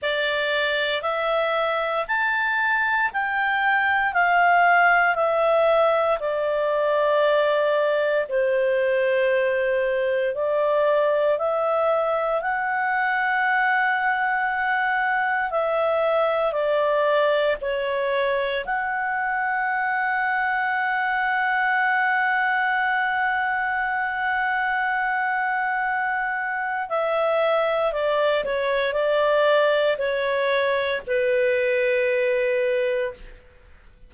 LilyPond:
\new Staff \with { instrumentName = "clarinet" } { \time 4/4 \tempo 4 = 58 d''4 e''4 a''4 g''4 | f''4 e''4 d''2 | c''2 d''4 e''4 | fis''2. e''4 |
d''4 cis''4 fis''2~ | fis''1~ | fis''2 e''4 d''8 cis''8 | d''4 cis''4 b'2 | }